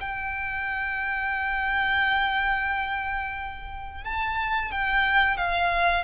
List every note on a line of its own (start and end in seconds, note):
0.00 4.04 G5
4.04 4.71 A5
4.71 5.37 G5
5.37 6.04 F5